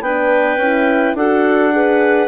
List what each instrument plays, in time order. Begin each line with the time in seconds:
0.00 bassoon B3, horn D4, clarinet B4 G5
0.56 bassoon C#4, horn E4
1.14 bassoon D4, horn F#4, clarinet A4 F#5
1.72 horn G#4, clarinet B4